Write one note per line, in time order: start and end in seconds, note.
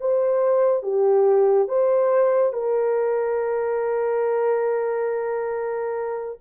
0.00 0.83 C5
0.83 1.68 G4
1.68 2.53 C5
2.53 6.39 A#4